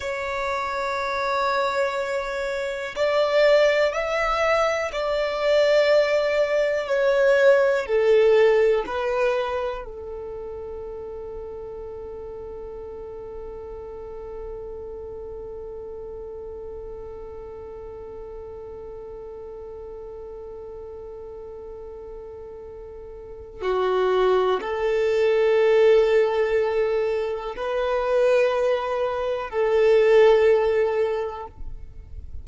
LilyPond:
\new Staff \with { instrumentName = "violin" } { \time 4/4 \tempo 4 = 61 cis''2. d''4 | e''4 d''2 cis''4 | a'4 b'4 a'2~ | a'1~ |
a'1~ | a'1 | fis'4 a'2. | b'2 a'2 | }